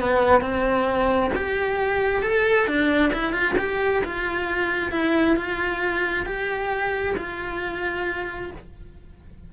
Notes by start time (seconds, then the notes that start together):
0.00 B3
0.41 C4
1.35 G4
2.22 A4
2.67 D4
3.13 E4
3.33 F4
3.58 G4
4.04 F4
4.91 E4
5.36 F4
6.25 G4
7.17 F4